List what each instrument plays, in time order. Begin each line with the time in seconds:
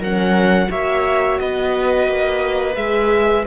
0.00 cello F#3, horn C#4, viola A#4, violin F#5
0.69 cello A#3, horn F#4, viola C#5, violin E5
1.40 cello B3, viola B4, violin D#5
2.08 cello A#3
2.76 cello G#3, horn G#4, violin E5